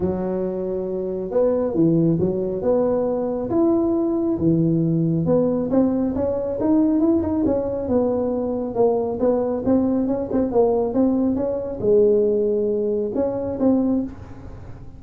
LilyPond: \new Staff \with { instrumentName = "tuba" } { \time 4/4 \tempo 4 = 137 fis2. b4 | e4 fis4 b2 | e'2 e2 | b4 c'4 cis'4 dis'4 |
e'8 dis'8 cis'4 b2 | ais4 b4 c'4 cis'8 c'8 | ais4 c'4 cis'4 gis4~ | gis2 cis'4 c'4 | }